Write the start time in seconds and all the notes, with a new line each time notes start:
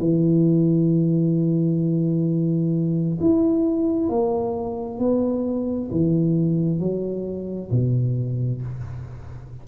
0.00 E3
3.21 E4
4.10 A#3
4.99 B3
5.91 E3
6.80 F#3
7.71 B2